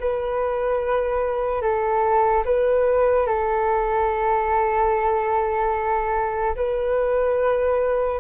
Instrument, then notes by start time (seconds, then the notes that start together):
flute
0.00 B4
1.61 A4
2.45 B4
3.27 A4
6.56 B4